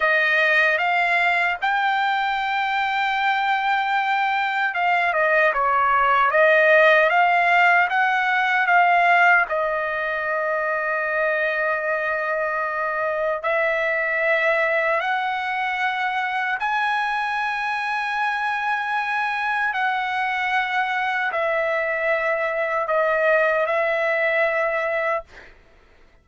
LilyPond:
\new Staff \with { instrumentName = "trumpet" } { \time 4/4 \tempo 4 = 76 dis''4 f''4 g''2~ | g''2 f''8 dis''8 cis''4 | dis''4 f''4 fis''4 f''4 | dis''1~ |
dis''4 e''2 fis''4~ | fis''4 gis''2.~ | gis''4 fis''2 e''4~ | e''4 dis''4 e''2 | }